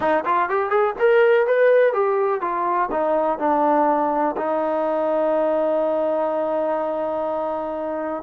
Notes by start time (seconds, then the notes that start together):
0.00 D#4
0.25 F4
0.49 G4
0.70 G#4
0.99 A#4
1.46 B4
1.93 G4
2.41 F4
2.91 D#4
3.38 D4
4.36 D#4